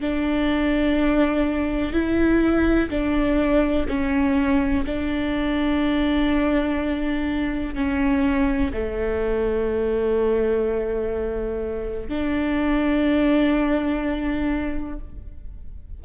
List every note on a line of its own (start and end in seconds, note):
0.00 1.92 D4
1.92 2.89 E4
2.89 3.86 D4
3.88 4.84 C#4
4.85 7.74 D4
7.74 8.71 C#4
8.73 12.08 A3
12.08 14.99 D4